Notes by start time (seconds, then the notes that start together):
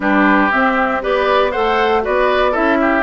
0.00 G3 D4 G4 B4
0.51 C4 E5
1.01 B3 G4 B4 D5
1.51 A3 A4 C5 F#5
2.01 B3 F#4 B4 D5
2.51 C#4 E4 A4 E5
2.81 G4